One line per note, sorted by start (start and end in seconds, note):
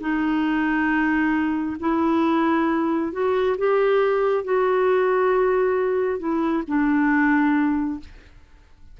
0.00 1.76 D#4
1.80 3.12 E4
3.12 3.57 F#4
3.58 4.44 G4
4.44 6.19 F#4
6.19 6.63 E4
6.67 8.00 D4